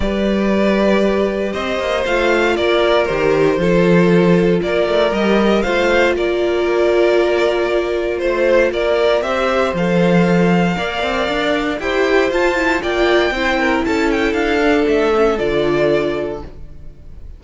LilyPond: <<
  \new Staff \with { instrumentName = "violin" } { \time 4/4 \tempo 4 = 117 d''2. dis''4 | f''4 d''4 c''2~ | c''4 d''4 dis''4 f''4 | d''1 |
c''4 d''4 e''4 f''4~ | f''2. g''4 | a''4 g''2 a''8 g''8 | f''4 e''4 d''2 | }
  \new Staff \with { instrumentName = "violin" } { \time 4/4 b'2. c''4~ | c''4 ais'2 a'4~ | a'4 ais'2 c''4 | ais'1 |
c''4 ais'4 c''2~ | c''4 d''2 c''4~ | c''4 d''4 c''8 ais'8 a'4~ | a'1 | }
  \new Staff \with { instrumentName = "viola" } { \time 4/4 g'1 | f'2 g'4 f'4~ | f'2 g'4 f'4~ | f'1~ |
f'2 g'4 a'4~ | a'4 ais'2 g'4 | f'8 e'8 f'4 e'2~ | e'8 d'4 cis'8 f'2 | }
  \new Staff \with { instrumentName = "cello" } { \time 4/4 g2. c'8 ais8 | a4 ais4 dis4 f4~ | f4 ais8 a8 g4 a4 | ais1 |
a4 ais4 c'4 f4~ | f4 ais8 c'8 d'4 e'4 | f'4 ais4 c'4 cis'4 | d'4 a4 d2 | }
>>